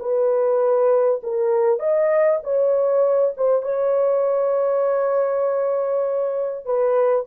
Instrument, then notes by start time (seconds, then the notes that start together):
horn
0.00 B4
1.23 A#4
1.79 D#5
2.44 C#5
3.37 C5
3.62 C#5
6.65 B4